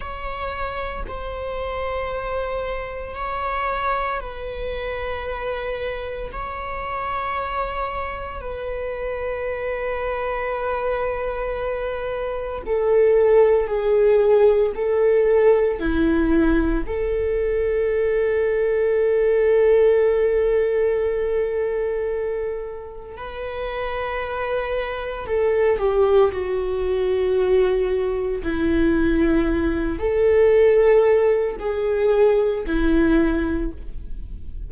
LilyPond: \new Staff \with { instrumentName = "viola" } { \time 4/4 \tempo 4 = 57 cis''4 c''2 cis''4 | b'2 cis''2 | b'1 | a'4 gis'4 a'4 e'4 |
a'1~ | a'2 b'2 | a'8 g'8 fis'2 e'4~ | e'8 a'4. gis'4 e'4 | }